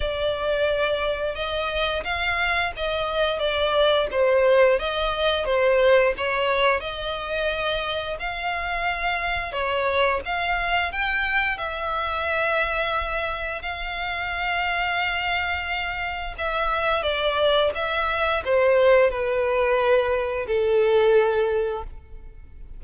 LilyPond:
\new Staff \with { instrumentName = "violin" } { \time 4/4 \tempo 4 = 88 d''2 dis''4 f''4 | dis''4 d''4 c''4 dis''4 | c''4 cis''4 dis''2 | f''2 cis''4 f''4 |
g''4 e''2. | f''1 | e''4 d''4 e''4 c''4 | b'2 a'2 | }